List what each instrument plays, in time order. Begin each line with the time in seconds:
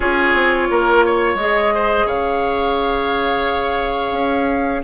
0.00 bassoon C#4, clarinet F4, oboe G#4, flute C#5
0.33 bassoon C4
0.70 bassoon A#3, oboe A#4
1.05 oboe C#5
1.34 bassoon G#3, clarinet G#4, flute D#5
1.74 oboe C5
2.06 bassoon C#3, oboe C#5, flute F5
4.11 bassoon C#4